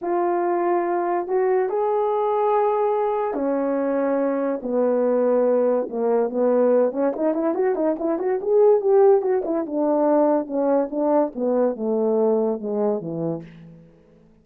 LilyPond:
\new Staff \with { instrumentName = "horn" } { \time 4/4 \tempo 4 = 143 f'2. fis'4 | gis'1 | cis'2. b4~ | b2 ais4 b4~ |
b8 cis'8 dis'8 e'8 fis'8 dis'8 e'8 fis'8 | gis'4 g'4 fis'8 e'8 d'4~ | d'4 cis'4 d'4 b4 | a2 gis4 e4 | }